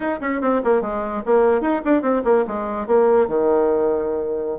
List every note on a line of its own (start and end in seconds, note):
0.00 0.19 D#4
0.20 0.41 C#4
0.41 0.61 C4
0.64 0.81 A#3
0.81 1.22 G#3
1.25 1.61 A#3
1.61 1.81 D#4
1.85 2.01 D4
2.01 2.22 C4
2.24 2.44 A#3
2.47 2.86 G#3
2.86 3.27 A#3
3.27 4.59 D#3